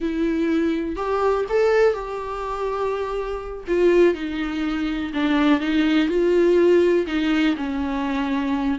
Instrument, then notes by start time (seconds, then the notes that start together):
viola
0.00 E4
0.96 G4
1.49 A4
1.93 G4
3.67 F4
4.14 D#4
5.13 D4
5.60 D#4
6.08 F4
7.06 D#4
7.56 C#4